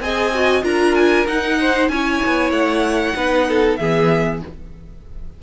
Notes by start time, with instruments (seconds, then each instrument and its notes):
0.00 cello C4, viola G#4, violin D#5 G#5
0.34 viola F#4
0.62 cello D4, viola F4, violin A#4 A#5
0.95 violin G#5
1.27 viola D#4, cello D#4, violin F#5
1.60 violin C5
1.88 cello C#4, viola E4, violin C#5 G#5
2.25 cello B3
2.51 cello A3, violin F#5
3.15 cello B3, viola D#4, violin B4
3.48 violin A4
3.76 cello E3, viola B3, violin G#4 E5